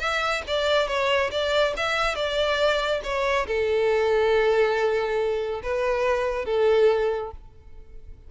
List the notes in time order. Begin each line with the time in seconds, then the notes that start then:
0.00 E5
0.47 D5
0.88 C#5
1.31 D5
1.77 E5
2.15 D5
3.04 C#5
3.47 A4
5.63 B4
6.46 A4